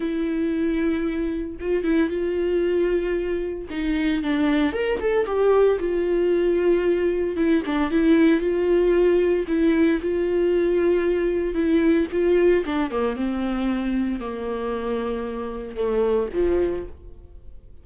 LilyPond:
\new Staff \with { instrumentName = "viola" } { \time 4/4 \tempo 4 = 114 e'2. f'8 e'8 | f'2. dis'4 | d'4 ais'8 a'8 g'4 f'4~ | f'2 e'8 d'8 e'4 |
f'2 e'4 f'4~ | f'2 e'4 f'4 | d'8 ais8 c'2 ais4~ | ais2 a4 f4 | }